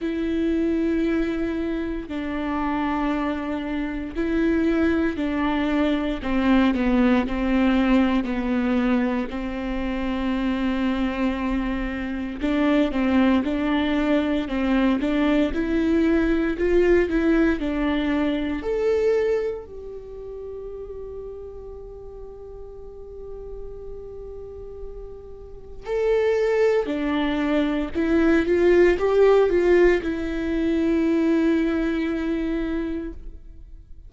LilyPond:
\new Staff \with { instrumentName = "viola" } { \time 4/4 \tempo 4 = 58 e'2 d'2 | e'4 d'4 c'8 b8 c'4 | b4 c'2. | d'8 c'8 d'4 c'8 d'8 e'4 |
f'8 e'8 d'4 a'4 g'4~ | g'1~ | g'4 a'4 d'4 e'8 f'8 | g'8 f'8 e'2. | }